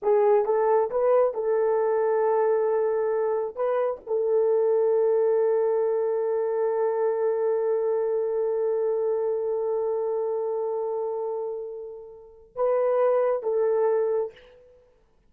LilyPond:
\new Staff \with { instrumentName = "horn" } { \time 4/4 \tempo 4 = 134 gis'4 a'4 b'4 a'4~ | a'1 | b'4 a'2.~ | a'1~ |
a'1~ | a'1~ | a'1 | b'2 a'2 | }